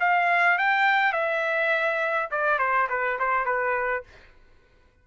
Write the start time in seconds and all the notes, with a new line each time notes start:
0.00 F5
0.58 G5
1.13 E5
2.31 D5
2.59 C5
2.90 B4
3.19 C5
3.46 B4